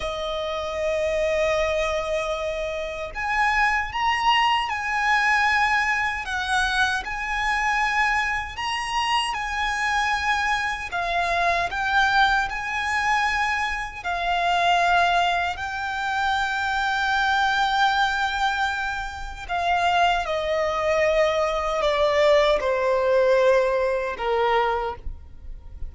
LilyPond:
\new Staff \with { instrumentName = "violin" } { \time 4/4 \tempo 4 = 77 dis''1 | gis''4 ais''4 gis''2 | fis''4 gis''2 ais''4 | gis''2 f''4 g''4 |
gis''2 f''2 | g''1~ | g''4 f''4 dis''2 | d''4 c''2 ais'4 | }